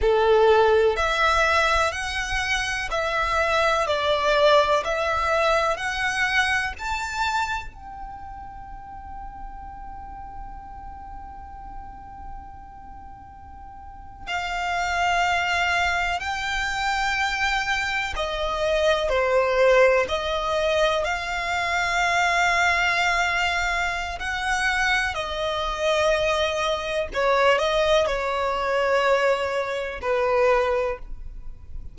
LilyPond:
\new Staff \with { instrumentName = "violin" } { \time 4/4 \tempo 4 = 62 a'4 e''4 fis''4 e''4 | d''4 e''4 fis''4 a''4 | g''1~ | g''2~ g''8. f''4~ f''16~ |
f''8. g''2 dis''4 c''16~ | c''8. dis''4 f''2~ f''16~ | f''4 fis''4 dis''2 | cis''8 dis''8 cis''2 b'4 | }